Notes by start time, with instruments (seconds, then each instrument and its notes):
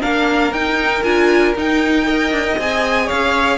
0.00 cello A#3, viola D4, violin A#4 F5
0.52 cello D#4, viola D#4, violin G5
1.03 cello D4, viola F4, violin G#5
1.55 cello D#4, viola D#4, violin G5
2.06 viola A#4, violin D#5
2.32 cello D4
2.44 cello D#4
2.58 cello C4, viola G#4, violin G#5
3.06 cello C#4, violin C#5 F5